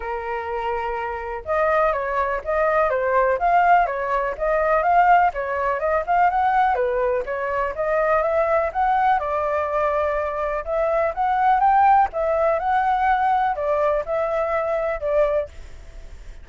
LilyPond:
\new Staff \with { instrumentName = "flute" } { \time 4/4 \tempo 4 = 124 ais'2. dis''4 | cis''4 dis''4 c''4 f''4 | cis''4 dis''4 f''4 cis''4 | dis''8 f''8 fis''4 b'4 cis''4 |
dis''4 e''4 fis''4 d''4~ | d''2 e''4 fis''4 | g''4 e''4 fis''2 | d''4 e''2 d''4 | }